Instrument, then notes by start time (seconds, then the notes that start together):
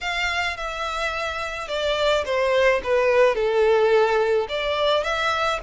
violin
0.01 F5
0.56 E5
1.68 D5
2.25 C5
2.83 B4
3.35 A4
4.49 D5
5.03 E5